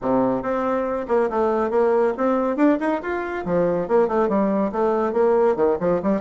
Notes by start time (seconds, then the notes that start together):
0.01 C3
0.42 C4
1.08 A#3
1.30 A3
1.70 A#3
2.17 C4
2.56 D4
2.80 D#4
3.01 F4
3.45 F3
3.88 A#3
4.07 A3
4.28 G3
4.72 A3
5.13 A#3
5.55 D#3
5.80 F3
6.02 G3